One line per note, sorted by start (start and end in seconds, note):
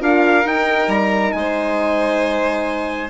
0.00 0.45 D4
0.00 0.44 F4
0.00 1.34 A#4
0.00 0.47 F5
0.45 0.88 D#4
0.45 3.10 D#4
0.45 0.90 G5
0.88 1.32 G3
0.88 1.32 A#5
1.32 3.10 G#3
1.32 3.10 C5
1.32 3.10 G#5